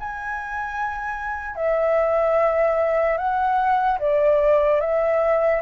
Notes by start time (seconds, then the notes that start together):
0.00 G#5
1.56 E5
3.18 F#5
4.00 D5
4.81 E5